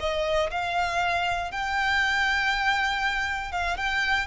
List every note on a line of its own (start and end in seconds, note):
0.00 0.50 D#5
0.51 1.52 F5
1.52 3.52 G5
3.52 3.77 F5
3.77 4.27 G5